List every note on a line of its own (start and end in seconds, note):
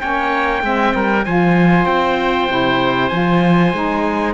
0.00 0.63 A#3
0.00 0.62 C#4
0.00 0.63 C#5
0.00 1.25 G5
0.62 0.94 G#3
0.62 1.24 C4
0.62 0.95 E5
0.95 1.26 G3
0.95 1.25 A#4
1.25 1.86 F3
1.25 2.49 F4
1.25 4.35 C5
1.25 1.86 G#5
1.86 2.48 C4
1.86 3.09 G5
2.49 3.11 C3
2.49 3.11 E4
3.09 3.73 F3
3.09 3.74 F4
3.09 4.33 G#5
3.73 4.35 G#3
3.73 4.35 D#4